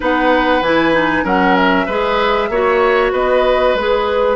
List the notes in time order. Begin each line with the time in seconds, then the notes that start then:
0.00 B3 D#4 B4 F#5
0.61 E3 E4 G#5
0.93 D#4
1.23 F#3 C#4 A#4 F#5
1.56 E5
1.86 G#3 G#4 B4
2.49 A#3 F#4 C#5
3.11 B3 B4 D#5
3.74 G#3 G#4 B4